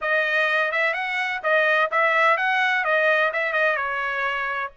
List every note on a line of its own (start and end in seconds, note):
0.01 0.71 D#5
0.71 0.93 E5
0.93 1.40 F#5
1.43 1.90 D#5
1.91 2.37 E5
2.37 2.84 F#5
2.84 3.31 D#5
3.32 3.52 E5
3.52 3.76 D#5
3.76 4.71 C#5